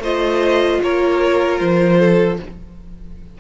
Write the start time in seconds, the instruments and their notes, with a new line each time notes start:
0.00 cello A3, viola F4, violin C5 D#5
0.83 cello A#3, violin A#4 C#5
1.60 cello F3, violin C5
1.99 violin A4